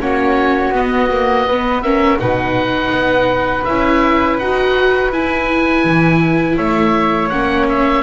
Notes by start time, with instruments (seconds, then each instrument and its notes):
0.00 double bass A#3, viola C#4, flute F#4, oboe C#5
0.70 double bass B3, viola B3, oboe D#5
1.11 viola A#3
1.47 viola B3, flute B4
1.82 viola C#4, flute A#4, oboe E5
2.19 double bass B2, viola D#4, flute B4, oboe F#5
2.90 double bass B3
3.64 double bass C#4, viola E4, oboe E5
4.39 double bass D#4, viola F#4, oboe F#5
5.11 double bass E4, viola E4, oboe G#5
5.84 double bass E3
6.57 double bass A3, flute C#5, oboe E5
7.29 double bass A#3, viola C#4, oboe F#5
7.69 oboe E5